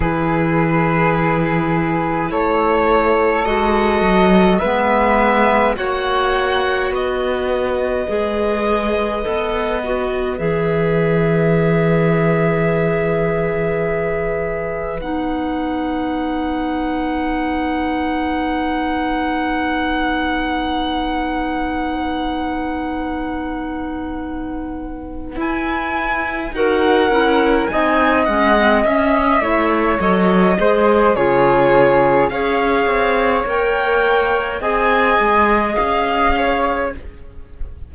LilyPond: <<
  \new Staff \with { instrumentName = "violin" } { \time 4/4 \tempo 4 = 52 b'2 cis''4 dis''4 | e''4 fis''4 dis''2~ | dis''4 e''2.~ | e''4 fis''2.~ |
fis''1~ | fis''2 gis''4 fis''4 | gis''8 fis''8 e''4 dis''4 cis''4 | f''4 g''4 gis''4 f''4 | }
  \new Staff \with { instrumentName = "flute" } { \time 4/4 gis'2 a'2 | b'4 cis''4 b'2~ | b'1~ | b'1~ |
b'1~ | b'2. ais'4 | dis''4. cis''4 c''8 gis'4 | cis''2 dis''4. cis''8 | }
  \new Staff \with { instrumentName = "clarinet" } { \time 4/4 e'2. fis'4 | b4 fis'2 gis'4 | a'8 fis'8 gis'2.~ | gis'4 dis'2.~ |
dis'1~ | dis'2 e'4 fis'8 e'8 | dis'8 cis'16 c'16 cis'8 e'8 a'8 gis'8 f'4 | gis'4 ais'4 gis'2 | }
  \new Staff \with { instrumentName = "cello" } { \time 4/4 e2 a4 gis8 fis8 | gis4 ais4 b4 gis4 | b4 e2.~ | e4 b2.~ |
b1~ | b2 e'4 dis'8 cis'8 | c'8 gis8 cis'8 a8 fis8 gis8 cis4 | cis'8 c'8 ais4 c'8 gis8 cis'4 | }
>>